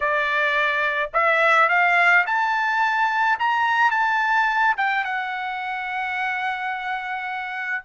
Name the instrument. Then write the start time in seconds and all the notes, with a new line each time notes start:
trumpet
0.00 D5
1.13 E5
1.68 F5
2.26 A5
3.39 A#5
3.90 A5
4.77 G5
5.04 F#5